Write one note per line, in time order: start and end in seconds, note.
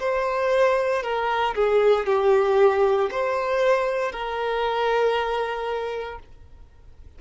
0.00 1.03 C5
1.03 1.55 A#4
1.55 2.06 G#4
2.06 3.10 G4
3.11 4.12 C5
4.12 6.19 A#4